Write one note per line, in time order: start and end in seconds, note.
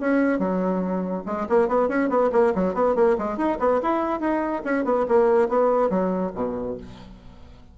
0.00 0.39 C#4
0.39 1.23 F#3
1.25 1.46 G#3
1.49 1.68 A#3
1.68 1.88 B3
1.88 2.09 C#4
2.09 2.30 B3
2.32 2.53 A#3
2.55 2.74 F#3
2.74 2.95 B3
2.95 3.16 A#3
3.18 3.37 G#3
3.37 3.58 D#4
3.59 3.80 B3
3.82 4.20 E4
4.20 4.62 D#4
4.64 4.84 C#4
4.84 5.06 B3
5.08 5.48 A#3
5.48 5.89 B3
5.89 6.31 F#3
6.35 6.77 B2